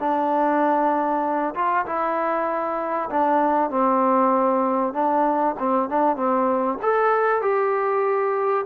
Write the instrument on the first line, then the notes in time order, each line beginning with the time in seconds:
trombone
0.00 D4
1.55 F4
1.86 E4
3.10 D4
3.71 C4
4.94 D4
5.60 C4
5.90 D4
6.17 C4
6.83 A4
7.42 G4